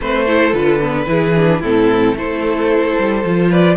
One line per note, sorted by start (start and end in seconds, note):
0.00 0.53 A3
0.00 0.27 C4
0.00 0.25 B4
0.00 0.53 C5
0.25 0.53 E4
0.25 1.06 A4
0.53 1.07 D3
0.53 0.80 F4
0.53 1.61 B4
0.82 1.06 B3
1.06 1.61 E3
1.06 1.33 E4
1.06 1.60 G#4
1.36 1.62 D4
1.60 2.14 A2
1.60 2.16 C4
1.60 2.14 E4
1.60 2.17 A4
2.14 2.95 A3
2.14 3.24 E4
2.14 3.49 A4
2.14 3.52 C5
2.99 3.24 G3
3.24 3.77 F3
3.24 3.77 F4
3.49 3.76 B4
3.49 3.77 D5